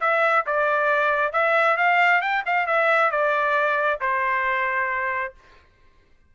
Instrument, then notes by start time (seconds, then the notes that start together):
trumpet
0.00 E5
0.46 D5
1.33 E5
1.77 F5
2.21 G5
2.46 F5
2.66 E5
3.11 D5
4.00 C5